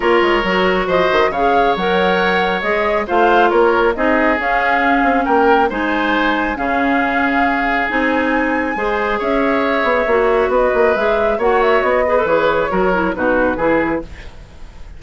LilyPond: <<
  \new Staff \with { instrumentName = "flute" } { \time 4/4 \tempo 4 = 137 cis''2 dis''4 f''4 | fis''2 dis''4 f''4 | cis''4 dis''4 f''2 | g''4 gis''2 f''4~ |
f''2 gis''2~ | gis''4 e''2. | dis''4 e''4 fis''8 e''8 dis''4 | cis''2 b'2 | }
  \new Staff \with { instrumentName = "oboe" } { \time 4/4 ais'2 c''4 cis''4~ | cis''2. c''4 | ais'4 gis'2. | ais'4 c''2 gis'4~ |
gis'1 | c''4 cis''2. | b'2 cis''4. b'8~ | b'4 ais'4 fis'4 gis'4 | }
  \new Staff \with { instrumentName = "clarinet" } { \time 4/4 f'4 fis'2 gis'4 | ais'2 gis'4 f'4~ | f'4 dis'4 cis'2~ | cis'4 dis'2 cis'4~ |
cis'2 dis'2 | gis'2. fis'4~ | fis'4 gis'4 fis'4. gis'16 a'16 | gis'4 fis'8 e'8 dis'4 e'4 | }
  \new Staff \with { instrumentName = "bassoon" } { \time 4/4 ais8 gis8 fis4 f8 dis8 cis4 | fis2 gis4 a4 | ais4 c'4 cis'4. c'8 | ais4 gis2 cis4~ |
cis2 c'2 | gis4 cis'4. b8 ais4 | b8 ais8 gis4 ais4 b4 | e4 fis4 b,4 e4 | }
>>